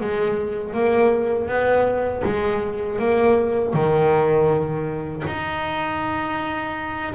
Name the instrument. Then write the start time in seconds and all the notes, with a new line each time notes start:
double bass
0.00 G#3
0.73 A#3
1.48 B3
2.24 G#3
2.99 A#3
3.73 D#3
5.26 D#4